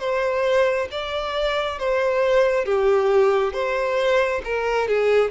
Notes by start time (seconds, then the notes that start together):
0.00 C5
0.92 D5
1.79 C5
2.66 G4
3.54 C5
4.45 A#4
4.89 G#4